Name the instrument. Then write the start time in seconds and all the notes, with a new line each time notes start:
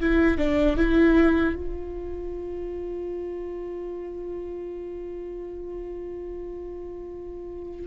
viola
0.00 E4
0.38 D4
0.77 E4
1.55 F4